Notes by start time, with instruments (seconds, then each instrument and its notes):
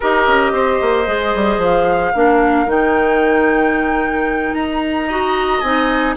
0.00 bassoon D#4, clarinet G4, oboe A#4, flute D#5
0.27 bassoon C#4
0.52 bassoon C4, oboe C5
0.81 bassoon A#3
1.05 bassoon G#3, clarinet G#4
1.35 bassoon G3
1.57 bassoon F3, flute F5
2.13 bassoon A#3, clarinet D4, oboe A#4
2.66 bassoon D#3, clarinet D#4, flute G5
4.54 bassoon D#4, flute A#5
5.07 clarinet F#4, oboe D#5
5.60 bassoon C4, clarinet D#4, flute G#5